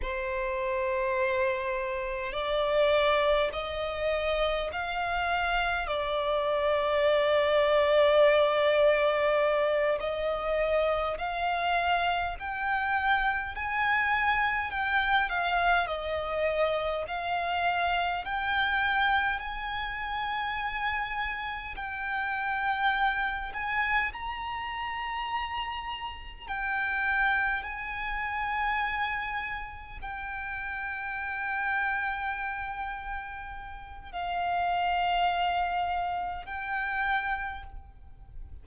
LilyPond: \new Staff \with { instrumentName = "violin" } { \time 4/4 \tempo 4 = 51 c''2 d''4 dis''4 | f''4 d''2.~ | d''8 dis''4 f''4 g''4 gis''8~ | gis''8 g''8 f''8 dis''4 f''4 g''8~ |
g''8 gis''2 g''4. | gis''8 ais''2 g''4 gis''8~ | gis''4. g''2~ g''8~ | g''4 f''2 g''4 | }